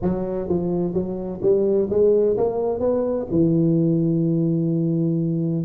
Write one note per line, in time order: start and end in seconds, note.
0.01 0.48 F#3
0.48 0.93 F3
0.93 1.40 F#3
1.42 1.89 G3
1.89 2.36 G#3
2.37 2.79 A#3
2.79 3.26 B3
3.30 5.65 E3